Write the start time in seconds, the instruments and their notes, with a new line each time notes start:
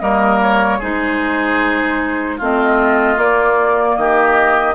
0.00 bassoon G3, clarinet A#3, oboe A#4, flute D#5
0.42 flute C#5
0.79 bassoon G#3, clarinet D#4, oboe G#4, flute C5
2.37 bassoon A3, clarinet C4, oboe F4, flute D#5
3.16 clarinet A#3, bassoon A#3, flute D5
3.96 bassoon D#3, oboe G4, flute D#5